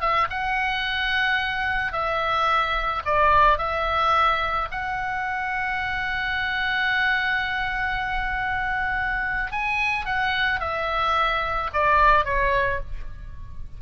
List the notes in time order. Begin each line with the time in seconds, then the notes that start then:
0.00 E5
0.30 F#5
1.92 E5
3.05 D5
3.58 E5
4.71 F#5
9.51 G#5
10.05 F#5
10.60 E5
11.73 D5
12.25 C#5